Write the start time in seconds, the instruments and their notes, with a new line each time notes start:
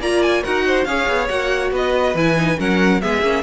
0.00 cello A#3, viola F4, violin D5 A#5
0.22 violin G#5
0.43 cello D#4, viola F#4, violin A#4 F#5
0.66 violin C5
0.84 cello C#4, viola G#4, violin C#5 F5
1.08 cello B3
1.28 cello A#3, viola F#4, violin F#5
1.72 cello B3, violin B4 D#5
2.14 cello E3, viola E4, violin G#5
2.37 viola D#4
2.57 cello F#3, viola C#4, violin A#4 F#5
3.01 cello G#3, viola B3, violin G#4 E5
3.22 cello A#3, viola C#4